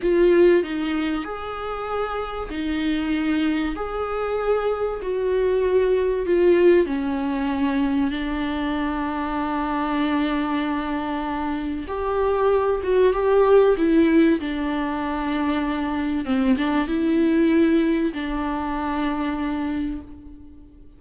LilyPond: \new Staff \with { instrumentName = "viola" } { \time 4/4 \tempo 4 = 96 f'4 dis'4 gis'2 | dis'2 gis'2 | fis'2 f'4 cis'4~ | cis'4 d'2.~ |
d'2. g'4~ | g'8 fis'8 g'4 e'4 d'4~ | d'2 c'8 d'8 e'4~ | e'4 d'2. | }